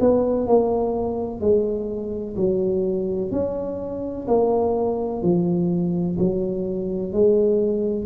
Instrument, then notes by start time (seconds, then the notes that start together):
tuba
0.00 B3
0.47 A#3
1.40 G#3
2.36 F#3
3.31 C#4
4.27 A#3
5.22 F3
6.18 F#3
7.12 G#3